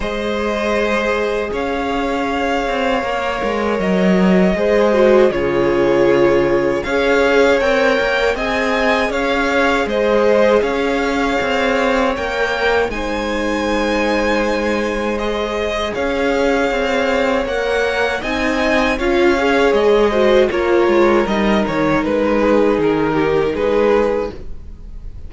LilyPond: <<
  \new Staff \with { instrumentName = "violin" } { \time 4/4 \tempo 4 = 79 dis''2 f''2~ | f''4 dis''2 cis''4~ | cis''4 f''4 g''4 gis''4 | f''4 dis''4 f''2 |
g''4 gis''2. | dis''4 f''2 fis''4 | gis''4 f''4 dis''4 cis''4 | dis''8 cis''8 b'4 ais'4 b'4 | }
  \new Staff \with { instrumentName = "violin" } { \time 4/4 c''2 cis''2~ | cis''2 c''4 gis'4~ | gis'4 cis''2 dis''4 | cis''4 c''4 cis''2~ |
cis''4 c''2.~ | c''4 cis''2. | dis''4 cis''4. c''8 ais'4~ | ais'4. gis'4 g'8 gis'4 | }
  \new Staff \with { instrumentName = "viola" } { \time 4/4 gis'1 | ais'2 gis'8 fis'8 f'4~ | f'4 gis'4 ais'4 gis'4~ | gis'1 |
ais'4 dis'2. | gis'2. ais'4 | dis'4 f'8 gis'4 fis'8 f'4 | dis'1 | }
  \new Staff \with { instrumentName = "cello" } { \time 4/4 gis2 cis'4. c'8 | ais8 gis8 fis4 gis4 cis4~ | cis4 cis'4 c'8 ais8 c'4 | cis'4 gis4 cis'4 c'4 |
ais4 gis2.~ | gis4 cis'4 c'4 ais4 | c'4 cis'4 gis4 ais8 gis8 | g8 dis8 gis4 dis4 gis4 | }
>>